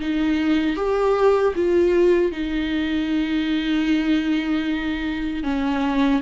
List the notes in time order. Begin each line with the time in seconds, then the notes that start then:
0.00 D#4
0.76 G4
1.55 F4
2.32 D#4
5.43 C#4